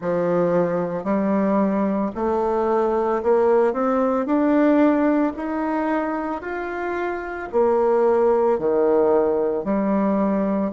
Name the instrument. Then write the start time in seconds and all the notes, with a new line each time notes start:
bassoon
0.00 F3
1.04 G3
2.15 A3
3.22 A#3
3.73 C4
4.26 D4
5.36 D#4
6.41 F4
7.52 A#3
8.59 D#3
9.64 G3